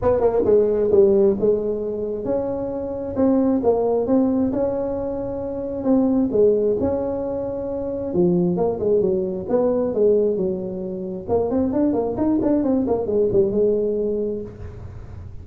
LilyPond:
\new Staff \with { instrumentName = "tuba" } { \time 4/4 \tempo 4 = 133 b8 ais8 gis4 g4 gis4~ | gis4 cis'2 c'4 | ais4 c'4 cis'2~ | cis'4 c'4 gis4 cis'4~ |
cis'2 f4 ais8 gis8 | fis4 b4 gis4 fis4~ | fis4 ais8 c'8 d'8 ais8 dis'8 d'8 | c'8 ais8 gis8 g8 gis2 | }